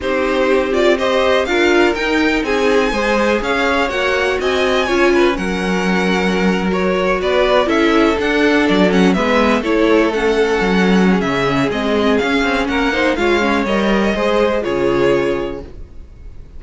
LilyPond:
<<
  \new Staff \with { instrumentName = "violin" } { \time 4/4 \tempo 4 = 123 c''4. d''8 dis''4 f''4 | g''4 gis''2 f''4 | fis''4 gis''2 fis''4~ | fis''4.~ fis''16 cis''4 d''4 e''16~ |
e''8. fis''4 d''8 fis''8 e''4 cis''16~ | cis''8. fis''2~ fis''16 e''4 | dis''4 f''4 fis''4 f''4 | dis''2 cis''2 | }
  \new Staff \with { instrumentName = "violin" } { \time 4/4 g'2 c''4 ais'4~ | ais'4 gis'4 c''4 cis''4~ | cis''4 dis''4 cis''8 b'8 ais'4~ | ais'2~ ais'8. b'4 a'16~ |
a'2~ a'8. b'4 a'16~ | a'2~ a'8. gis'4~ gis'16~ | gis'2 ais'8 c''8 cis''4~ | cis''4 c''4 gis'2 | }
  \new Staff \with { instrumentName = "viola" } { \time 4/4 dis'4. f'8 g'4 f'4 | dis'2 gis'2 | fis'2 f'4 cis'4~ | cis'4.~ cis'16 fis'2 e'16~ |
e'8. d'4. cis'8 b4 e'16~ | e'8. cis'2.~ cis'16 | c'4 cis'4. dis'8 f'8 cis'8 | ais'4 gis'4 f'2 | }
  \new Staff \with { instrumentName = "cello" } { \time 4/4 c'2. d'4 | dis'4 c'4 gis4 cis'4 | ais4 c'4 cis'4 fis4~ | fis2~ fis8. b4 cis'16~ |
cis'8. d'4 fis4 gis4 a16~ | a4.~ a16 fis4~ fis16 cis4 | gis4 cis'8 c'8 ais4 gis4 | g4 gis4 cis2 | }
>>